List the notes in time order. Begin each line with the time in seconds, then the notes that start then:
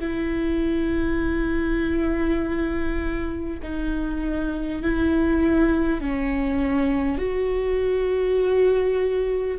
0.00 E4
3.62 D#4
4.82 E4
6.01 C#4
7.17 F#4